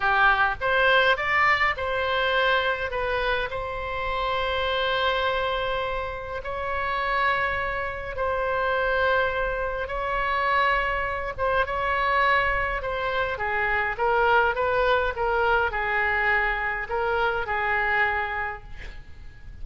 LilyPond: \new Staff \with { instrumentName = "oboe" } { \time 4/4 \tempo 4 = 103 g'4 c''4 d''4 c''4~ | c''4 b'4 c''2~ | c''2. cis''4~ | cis''2 c''2~ |
c''4 cis''2~ cis''8 c''8 | cis''2 c''4 gis'4 | ais'4 b'4 ais'4 gis'4~ | gis'4 ais'4 gis'2 | }